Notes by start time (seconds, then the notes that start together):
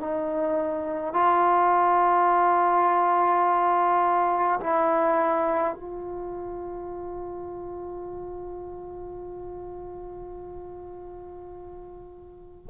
0.00 D#4
1.14 F4
4.60 E4
5.74 F4